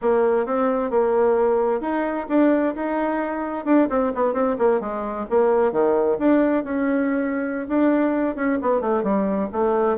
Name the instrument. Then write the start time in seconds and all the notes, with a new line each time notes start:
bassoon
0.01 A#3
0.46 C4
0.90 A#3
1.80 D#4
2.28 D4
2.75 D#4
3.65 D4
3.89 C4
4.14 B3
4.33 C4
4.58 A#3
4.80 G#3
5.30 A#3
5.72 D#3
6.19 D4
6.63 C#4
7.68 D4
8.35 C#4
8.61 B3
8.80 A3
9.03 G3
9.52 A3